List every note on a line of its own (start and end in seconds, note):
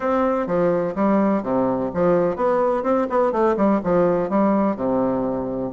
0.00 0.46 C4
0.46 0.94 F3
0.95 1.42 G3
1.42 1.90 C3
1.94 2.36 F3
2.36 2.83 B3
2.83 3.07 C4
3.09 3.32 B3
3.32 3.55 A3
3.56 3.80 G3
3.83 4.29 F3
4.29 4.76 G3
4.76 5.71 C3